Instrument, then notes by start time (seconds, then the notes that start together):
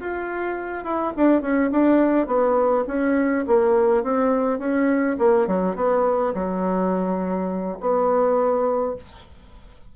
bassoon
0.00 F4
0.84 E4
1.16 D4
1.41 C#4
1.71 D4
2.27 B3
2.87 C#4
3.47 A#3
4.03 C4
4.58 C#4
5.19 A#3
5.47 F#3
5.76 B3
6.34 F#3
7.80 B3